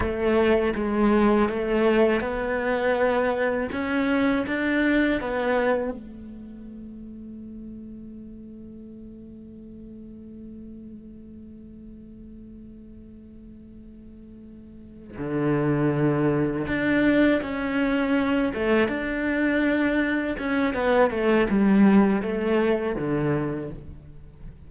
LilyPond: \new Staff \with { instrumentName = "cello" } { \time 4/4 \tempo 4 = 81 a4 gis4 a4 b4~ | b4 cis'4 d'4 b4 | a1~ | a1~ |
a1~ | a8 d2 d'4 cis'8~ | cis'4 a8 d'2 cis'8 | b8 a8 g4 a4 d4 | }